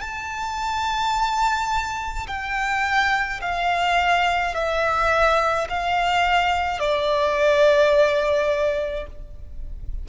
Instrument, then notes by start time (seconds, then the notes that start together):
violin
0.00 A5
2.27 G5
3.41 F5
4.54 E5
5.69 F5
6.79 D5